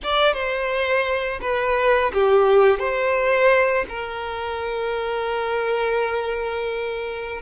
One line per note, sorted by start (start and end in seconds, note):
0.03 0.33 D5
0.33 1.39 C5
1.41 2.11 B4
2.13 2.79 G4
2.79 3.85 C5
3.88 7.41 A#4